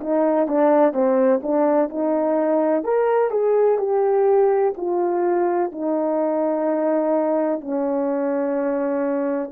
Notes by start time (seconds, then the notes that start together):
0.00 D#4
0.47 D4
0.93 C4
1.42 D4
1.89 D#4
2.84 A#4
3.30 G#4
3.78 G4
4.77 F4
5.71 D#4
7.61 C#4